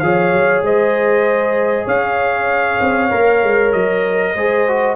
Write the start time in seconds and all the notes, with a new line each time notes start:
0.00 F3 G#4 C#5 F5
0.33 F#3
0.62 G#3 C5 D#5
1.86 C#4 C#5 F5
2.81 C4
3.10 A#3 A#4
3.44 G#3
3.73 F#3 D#5
4.35 G#3 G#4 C5
4.68 F#4